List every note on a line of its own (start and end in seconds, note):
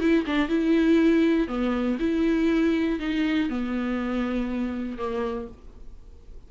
0.00 0.25 E4
0.26 0.48 D4
0.48 1.48 E4
1.48 1.98 B3
1.99 2.99 E4
2.99 3.49 D#4
3.49 4.98 B3
4.98 5.48 A#3